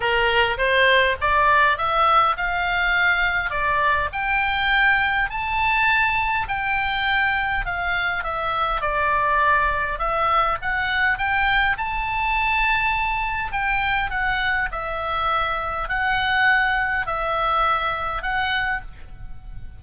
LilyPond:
\new Staff \with { instrumentName = "oboe" } { \time 4/4 \tempo 4 = 102 ais'4 c''4 d''4 e''4 | f''2 d''4 g''4~ | g''4 a''2 g''4~ | g''4 f''4 e''4 d''4~ |
d''4 e''4 fis''4 g''4 | a''2. g''4 | fis''4 e''2 fis''4~ | fis''4 e''2 fis''4 | }